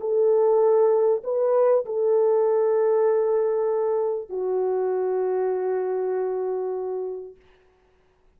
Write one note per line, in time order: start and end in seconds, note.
0.00 1.22 A4
1.24 1.85 B4
1.85 4.29 A4
4.29 7.36 F#4